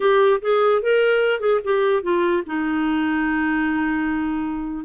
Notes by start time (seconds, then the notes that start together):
0.00 G4
0.41 G#4
0.82 A#4
1.40 G#4
1.63 G4
2.02 F4
2.46 D#4